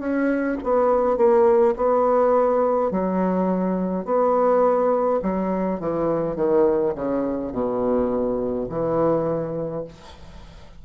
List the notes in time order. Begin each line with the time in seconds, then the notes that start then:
0.00 C#4
0.63 B3
1.17 A#3
1.76 B3
2.91 F#3
4.05 B3
5.22 F#3
5.80 E3
6.36 D#3
6.95 C#3
7.53 B2
8.69 E3